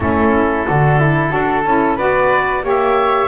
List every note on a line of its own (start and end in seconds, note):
0.00 0.66 A3
0.00 0.66 C#4
0.00 0.66 E4
0.00 1.98 A4
0.66 1.32 D3
0.66 1.29 D4
0.66 0.99 F#4
0.99 1.31 E4
1.29 1.65 D4
1.29 1.62 F#4
1.29 1.96 A4
1.65 1.98 C#4
1.65 1.98 E4
1.96 2.63 B3
1.96 2.62 F#4
1.96 2.62 B4
1.96 2.64 D5
2.62 3.27 A#3
2.62 3.27 G4
2.62 3.27 C#5
2.69 3.27 E5